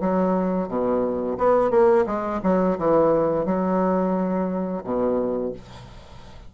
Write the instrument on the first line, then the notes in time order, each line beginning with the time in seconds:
bassoon
0.00 F#3
0.68 B2
1.38 B3
1.71 A#3
2.06 G#3
2.43 F#3
2.78 E3
3.45 F#3
4.83 B2